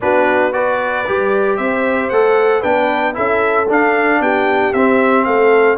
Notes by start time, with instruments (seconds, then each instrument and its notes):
0.00 tuba B3, trombone D4, horn F#4, trumpet B4
0.52 trombone F#4, horn B4, trumpet D5
1.07 tuba G3, trombone G4
1.57 tuba C4, horn C5, trumpet E5
2.09 tuba A3, trombone A4, trumpet F#5
2.60 tuba B3, trombone D4, horn B4, trumpet G5
3.13 tuba C#4, trombone E4, horn A4, trumpet E5
3.68 tuba D4, trombone D4, trumpet F5
4.20 tuba B3, horn G4, trumpet G5
4.73 tuba C4, trombone C4, trumpet E5
5.24 tuba A3, horn A4, trumpet F5